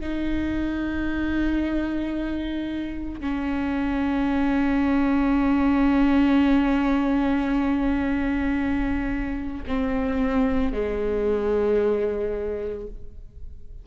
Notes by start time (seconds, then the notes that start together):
0.00 D#4
3.20 C#4
9.67 C4
10.72 G#3